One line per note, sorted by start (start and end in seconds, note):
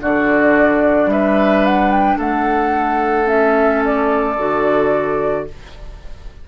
0.00 1.06 D3
0.00 3.26 D4
0.00 1.10 F#4
0.00 1.11 D5
1.06 2.15 G3
1.06 2.17 B4
1.06 1.65 E5
1.65 1.91 F#5
1.91 2.18 G5
2.17 4.37 A3
2.17 5.45 A4
2.17 3.28 F#5
3.26 4.35 C#4
3.26 3.83 E5
3.84 5.48 D5
4.37 5.47 D3
4.37 5.47 F#4